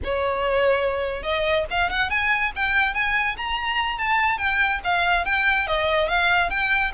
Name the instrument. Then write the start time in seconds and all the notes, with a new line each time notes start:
violin
0.04 C#5
1.22 D#5
1.70 F5
1.90 F#5
2.10 G#5
2.55 G5
2.94 G#5
3.37 A#5
3.98 A5
4.38 G5
4.84 F5
5.25 G5
5.67 D#5
6.08 F5
6.50 G5